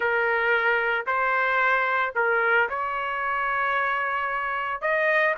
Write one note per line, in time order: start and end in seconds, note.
0.00 1.05 A#4
1.06 2.13 C5
2.15 2.68 A#4
2.69 4.81 C#5
4.81 5.34 D#5